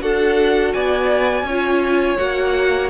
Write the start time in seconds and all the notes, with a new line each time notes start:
0.00 D4 F#4 A4 F#5
0.73 B3 D5 G#5
1.43 C#4 F4 C#5
2.17 A#3 F#4 F#5